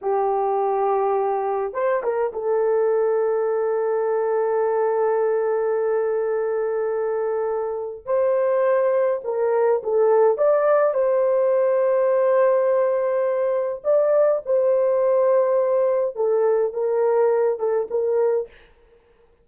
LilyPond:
\new Staff \with { instrumentName = "horn" } { \time 4/4 \tempo 4 = 104 g'2. c''8 ais'8 | a'1~ | a'1~ | a'2 c''2 |
ais'4 a'4 d''4 c''4~ | c''1 | d''4 c''2. | a'4 ais'4. a'8 ais'4 | }